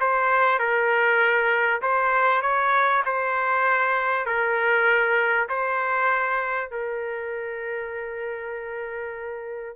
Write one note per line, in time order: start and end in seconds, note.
0.00 0.59 C5
0.59 1.81 A#4
1.82 2.42 C5
2.42 3.03 C#5
3.05 4.26 C5
4.26 5.48 A#4
5.49 6.71 C5
6.71 9.76 A#4